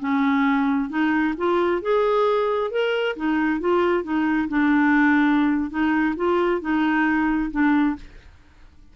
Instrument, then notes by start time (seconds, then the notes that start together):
clarinet
0.00 C#4
0.90 D#4
1.38 F4
1.82 G#4
2.71 A#4
3.16 D#4
3.60 F4
4.03 D#4
4.49 D4
5.70 D#4
6.16 F4
6.61 D#4
7.51 D4